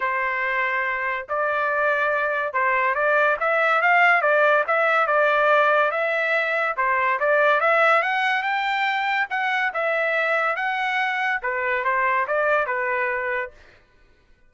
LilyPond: \new Staff \with { instrumentName = "trumpet" } { \time 4/4 \tempo 4 = 142 c''2. d''4~ | d''2 c''4 d''4 | e''4 f''4 d''4 e''4 | d''2 e''2 |
c''4 d''4 e''4 fis''4 | g''2 fis''4 e''4~ | e''4 fis''2 b'4 | c''4 d''4 b'2 | }